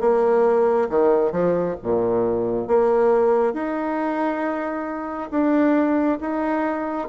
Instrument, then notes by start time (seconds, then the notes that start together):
bassoon
0.00 A#3
0.89 D#3
1.32 F3
1.82 A#2
2.67 A#3
3.53 D#4
5.30 D4
6.20 D#4